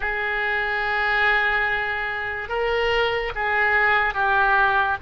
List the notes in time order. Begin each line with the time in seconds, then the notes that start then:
0.00 G#4
2.48 A#4
3.35 G#4
4.14 G4